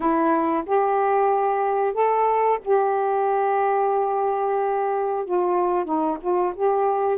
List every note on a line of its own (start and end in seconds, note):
0.00 0.63 E4
0.66 1.93 G4
1.93 2.58 A4
2.64 5.25 G4
5.25 5.85 F4
5.85 6.17 D#4
6.20 6.53 F4
6.55 7.17 G4